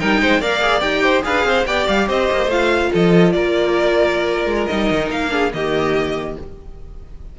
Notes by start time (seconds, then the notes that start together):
0.00 G3 D#4 A#4 G5
0.21 G#3 C5
0.41 A#3 A#4 D5 F5
0.62 G#4
0.81 D#4 G4 G5
1.03 C5
1.23 D4 G#4 B4 F5
1.44 C4 C5
1.66 B3 G4 D5 G5
1.88 G3 F5
2.07 C4 C5 D#5
2.31 A#3
2.47 A3 F4 F5
2.92 F3 A4 D#5
3.32 A#3 A#4 D5
4.46 G#3
4.66 G3 D#4 D#5
4.91 D#3
5.10 A#3 F5
5.30 D4 G#4
5.54 D#3 A#3 G4 D#5